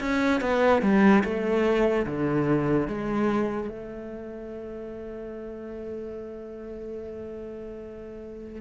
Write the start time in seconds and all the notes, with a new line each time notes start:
0.00 C#4
0.41 B3
0.82 G3
1.24 A3
2.07 D3
2.88 G#3
3.69 A3